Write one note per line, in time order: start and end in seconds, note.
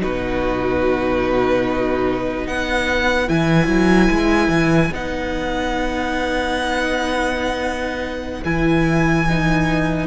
0.00 2.47 B2
0.00 3.27 D#4
0.00 2.49 F#4
0.00 2.47 B4
2.47 3.29 B3
2.47 10.07 B4
2.47 3.29 F#5
3.27 3.67 E3
3.27 4.92 E4
3.27 4.93 G#5
3.67 4.08 F#3
4.10 4.49 G#3
4.49 4.90 E3
4.92 8.41 B3
4.92 8.43 D#4
4.92 8.44 F#5
8.44 10.07 E3
8.44 9.27 E4
8.44 10.07 G#5
9.29 10.07 D#4